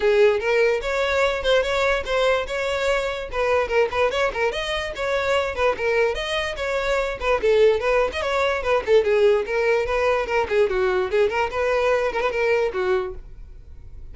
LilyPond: \new Staff \with { instrumentName = "violin" } { \time 4/4 \tempo 4 = 146 gis'4 ais'4 cis''4. c''8 | cis''4 c''4 cis''2 | b'4 ais'8 b'8 cis''8 ais'8 dis''4 | cis''4. b'8 ais'4 dis''4 |
cis''4. b'8 a'4 b'8. dis''16 | cis''4 b'8 a'8 gis'4 ais'4 | b'4 ais'8 gis'8 fis'4 gis'8 ais'8 | b'4. ais'16 b'16 ais'4 fis'4 | }